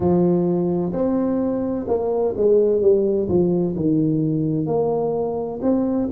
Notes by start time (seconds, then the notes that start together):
0.00 F3
0.92 C4
1.87 A#3
2.37 G#3
2.81 G3
3.28 F3
3.75 D#3
4.66 A#3
5.62 C4